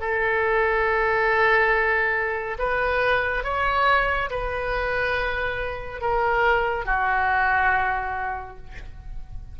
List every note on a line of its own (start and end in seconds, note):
0.00 2.57 A4
2.58 3.44 B4
3.44 4.29 C#5
4.30 6.01 B4
6.01 6.85 A#4
6.85 8.57 F#4